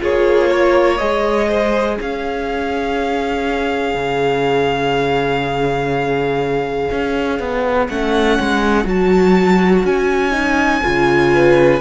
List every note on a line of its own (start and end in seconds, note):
0.00 1.00 A#3
0.00 0.98 F4
0.00 0.50 G#4
0.00 0.98 C#5
0.50 1.48 C#5
0.98 1.98 G#3
0.98 7.88 G#4
0.98 1.96 D#5
1.48 1.97 C5
1.97 3.94 C#4
1.97 11.32 C#5
1.97 7.87 F5
3.94 6.89 C#3
6.91 7.39 C#4
7.39 7.89 B3
7.87 8.39 A3
7.87 8.84 C#4
7.87 8.86 F#5
8.40 8.85 G#3
8.84 9.83 F#3
8.84 10.31 F#4
8.84 9.86 A5
9.84 10.82 C#4
9.84 11.80 G#5
10.31 10.81 D#4
10.82 11.80 C#3
10.82 11.80 F4
11.34 11.80 B4